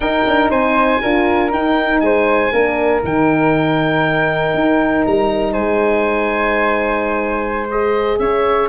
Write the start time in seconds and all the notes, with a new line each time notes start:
0.00 D#4 A#4 G5
0.26 D4
0.49 C4 C5 G#5
1.01 D4 F4 A#4
1.50 D#4 G5
2.00 G#3 C5 G#5
2.52 A#3 D4 A#4
3.02 D#3 D#4 G5
4.54 D#4
5.06 G3 A#5
5.52 G#3 C5 G#5
7.70 G#4 D#5
8.18 C#4 C#5 E5